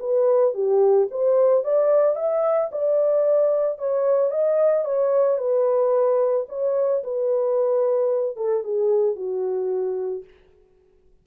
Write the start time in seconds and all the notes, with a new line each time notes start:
0.00 B4
0.54 G4
1.11 C5
1.64 D5
2.16 E5
2.72 D5
3.78 C#5
4.31 D#5
4.85 C#5
5.38 B4
6.49 C#5
7.04 B4
8.37 A4
8.64 G#4
9.16 F#4